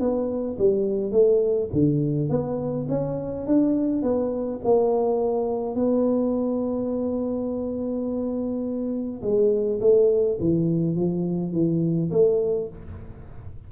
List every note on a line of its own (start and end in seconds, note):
0.00 0.58 B3
0.59 1.12 G3
1.12 1.70 A3
1.73 2.30 D3
2.30 2.87 B3
2.89 3.47 C#4
3.47 4.03 D4
4.03 4.61 B3
4.64 5.76 A#3
5.76 9.22 B3
9.23 9.80 G#3
9.81 10.38 A3
10.40 10.96 E3
10.96 11.53 F3
11.53 12.11 E3
12.11 12.69 A3